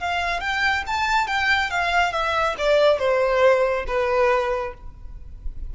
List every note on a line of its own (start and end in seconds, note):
0.00 0.40 F5
0.40 0.84 G5
0.87 1.27 A5
1.27 1.70 G5
1.71 2.12 F5
2.12 2.56 E5
2.58 2.99 D5
2.99 3.85 C5
3.87 4.73 B4